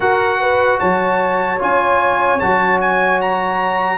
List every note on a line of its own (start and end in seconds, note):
0.00 1.58 F#4
0.00 0.81 F#4
0.00 0.39 A#4
0.00 0.79 F#5
0.40 0.79 B4
0.79 1.61 F#3
0.79 3.98 C#5
0.79 1.59 A5
1.59 2.41 C#4
1.59 2.39 F4
1.59 2.39 G#5
2.39 3.98 F#3
2.39 3.98 F#4
2.39 2.79 A5
2.81 3.21 G#5
3.21 3.98 A#5